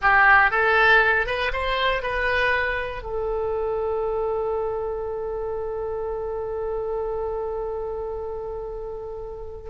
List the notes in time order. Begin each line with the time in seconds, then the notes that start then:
0.01 G4
0.50 A4
1.26 B4
1.52 C5
2.02 B4
3.02 A4